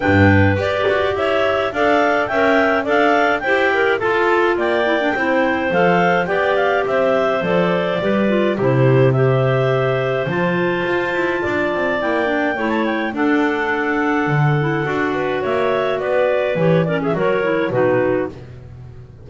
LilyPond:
<<
  \new Staff \with { instrumentName = "clarinet" } { \time 4/4 \tempo 4 = 105 g''4 d''4 e''4 f''4 | g''4 f''4 g''4 a''4 | g''2 f''4 g''8 f''8 | e''4 d''2 c''4 |
e''2 a''2~ | a''4 g''4~ g''16 a''16 g''8 fis''4~ | fis''2. e''4 | d''4 cis''8 d''16 e''16 cis''4 b'4 | }
  \new Staff \with { instrumentName = "clarinet" } { \time 4/4 b'2 cis''4 d''4 | e''4 d''4 c''8 ais'8 a'4 | d''4 c''2 d''4 | c''2 b'4 g'4 |
c''1 | d''2 cis''4 a'4~ | a'2~ a'8 b'8 cis''4 | b'4. ais'16 gis'16 ais'4 fis'4 | }
  \new Staff \with { instrumentName = "clarinet" } { \time 4/4 d'4 g'2 a'4 | ais'4 a'4 g'4 f'4~ | f'8 e'16 d'16 e'4 a'4 g'4~ | g'4 a'4 g'8 f'8 e'4 |
g'2 f'2~ | f'4 e'8 d'8 e'4 d'4~ | d'4. e'8 fis'2~ | fis'4 g'8 cis'8 fis'8 e'8 dis'4 | }
  \new Staff \with { instrumentName = "double bass" } { \time 4/4 g,4 g'8 fis'8 e'4 d'4 | cis'4 d'4 e'4 f'4 | ais4 c'4 f4 b4 | c'4 f4 g4 c4~ |
c2 f4 f'8 e'8 | d'8 c'8 ais4 a4 d'4~ | d'4 d4 d'4 ais4 | b4 e4 fis4 b,4 | }
>>